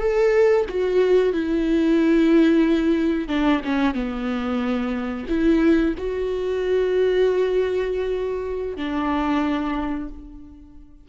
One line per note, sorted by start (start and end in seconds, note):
0.00 0.66 A4
0.69 1.33 F#4
1.33 3.28 E4
3.28 3.61 D4
3.64 3.95 C#4
3.95 5.27 B3
5.29 5.95 E4
5.98 8.77 F#4
8.77 10.09 D4